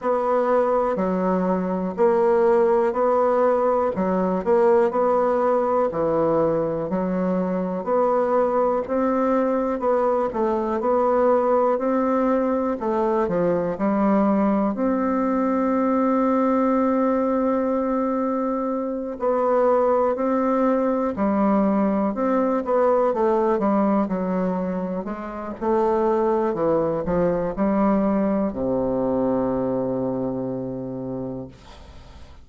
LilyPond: \new Staff \with { instrumentName = "bassoon" } { \time 4/4 \tempo 4 = 61 b4 fis4 ais4 b4 | fis8 ais8 b4 e4 fis4 | b4 c'4 b8 a8 b4 | c'4 a8 f8 g4 c'4~ |
c'2.~ c'8 b8~ | b8 c'4 g4 c'8 b8 a8 | g8 fis4 gis8 a4 e8 f8 | g4 c2. | }